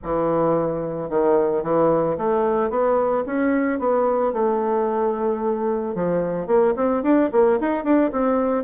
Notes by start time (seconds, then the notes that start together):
0.03 E3
1.09 D#3
1.62 E3
2.17 A3
2.70 B3
3.26 C#4
3.79 B3
4.32 A3
5.94 F3
6.46 A#3
6.76 C4
7.02 D4
7.32 A#3
7.59 D#4
7.84 D4
8.12 C4